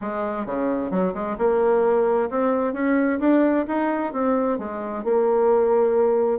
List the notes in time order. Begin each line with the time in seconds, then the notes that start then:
0.01 G#3
0.45 C#3
0.90 F#3
1.14 G#3
1.37 A#3
2.30 C4
2.73 C#4
3.19 D4
3.67 D#4
4.13 C4
4.58 G#3
5.04 A#3